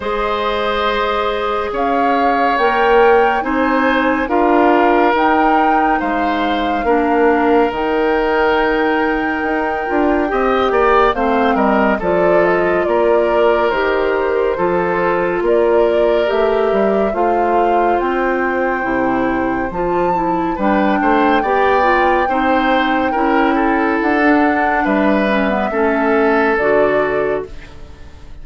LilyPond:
<<
  \new Staff \with { instrumentName = "flute" } { \time 4/4 \tempo 4 = 70 dis''2 f''4 g''4 | gis''4 f''4 g''4 f''4~ | f''4 g''2.~ | g''4 f''8 dis''8 d''8 dis''8 d''4 |
c''2 d''4 e''4 | f''4 g''2 a''4 | g''1 | fis''4 e''2 d''4 | }
  \new Staff \with { instrumentName = "oboe" } { \time 4/4 c''2 cis''2 | c''4 ais'2 c''4 | ais'1 | dis''8 d''8 c''8 ais'8 a'4 ais'4~ |
ais'4 a'4 ais'2 | c''1 | b'8 c''8 d''4 c''4 ais'8 a'8~ | a'4 b'4 a'2 | }
  \new Staff \with { instrumentName = "clarinet" } { \time 4/4 gis'2. ais'4 | dis'4 f'4 dis'2 | d'4 dis'2~ dis'8 f'8 | g'4 c'4 f'2 |
g'4 f'2 g'4 | f'2 e'4 f'8 e'8 | d'4 g'8 f'8 dis'4 e'4~ | e'16 d'4~ d'16 cis'16 b16 cis'4 fis'4 | }
  \new Staff \with { instrumentName = "bassoon" } { \time 4/4 gis2 cis'4 ais4 | c'4 d'4 dis'4 gis4 | ais4 dis2 dis'8 d'8 | c'8 ais8 a8 g8 f4 ais4 |
dis4 f4 ais4 a8 g8 | a4 c'4 c4 f4 | g8 a8 b4 c'4 cis'4 | d'4 g4 a4 d4 | }
>>